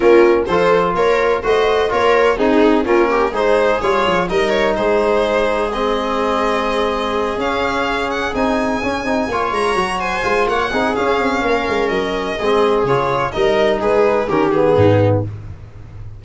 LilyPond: <<
  \new Staff \with { instrumentName = "violin" } { \time 4/4 \tempo 4 = 126 ais'4 c''4 cis''4 dis''4 | cis''4 gis'4 ais'4 c''4 | cis''4 dis''8 cis''8 c''2 | dis''2.~ dis''8 f''8~ |
f''4 fis''8 gis''2~ gis''8 | ais''4 gis''4 fis''4 f''4~ | f''4 dis''2 cis''4 | dis''4 b'4 ais'8 gis'4. | }
  \new Staff \with { instrumentName = "viola" } { \time 4/4 f'4 a'4 ais'4 c''4 | ais'4 dis'4 f'8 g'8 gis'4~ | gis'4 ais'4 gis'2~ | gis'1~ |
gis'2.~ gis'8 cis''8~ | cis''4 c''4 cis''8 gis'4. | ais'2 gis'2 | ais'4 gis'4 g'4 dis'4 | }
  \new Staff \with { instrumentName = "trombone" } { \time 4/4 cis'4 f'2 fis'4 | f'4 dis'4 cis'4 dis'4 | f'4 dis'2. | c'2.~ c'8 cis'8~ |
cis'4. dis'4 cis'8 dis'8 f'8~ | f'8 fis'4 f'4 dis'8 cis'4~ | cis'2 c'4 f'4 | dis'2 cis'8 b4. | }
  \new Staff \with { instrumentName = "tuba" } { \time 4/4 ais4 f4 ais4 a4 | ais4 c'4 ais4 gis4 | g8 f8 g4 gis2~ | gis2.~ gis8 cis'8~ |
cis'4. c'4 cis'8 c'8 ais8 | gis8 fis4 gis8 ais8 c'8 cis'8 c'8 | ais8 gis8 fis4 gis4 cis4 | g4 gis4 dis4 gis,4 | }
>>